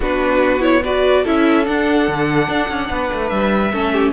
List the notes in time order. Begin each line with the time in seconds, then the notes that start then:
0.00 B3 D4 F#4 B4
0.60 E4 C#5
0.84 F#4 B4 D5
1.23 C#4 E4 A4 E5
1.64 D4 F#5
2.08 D3
2.47 D4
2.68 C#4
2.89 B3 B4
3.12 A3
3.28 G3 E5
3.72 A3 C#4 A4
3.92 G4